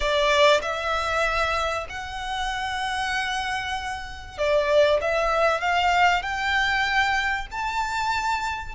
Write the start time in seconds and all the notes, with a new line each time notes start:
0.00 D5
0.62 E5
1.89 F#5
4.38 D5
5.01 E5
5.61 F5
6.22 G5
7.51 A5